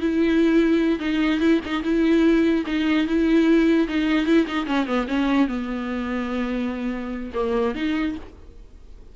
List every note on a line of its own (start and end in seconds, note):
0.00 0.99 E4
0.99 1.40 D#4
1.40 1.60 E4
1.65 1.83 D#4
1.83 2.65 E4
2.66 3.07 D#4
3.07 3.88 E4
3.88 4.26 D#4
4.26 4.47 E4
4.47 4.66 D#4
4.66 4.86 C#4
4.86 5.07 B3
5.08 5.48 C#4
5.48 7.32 B3
7.34 7.75 A#3
7.75 8.16 D#4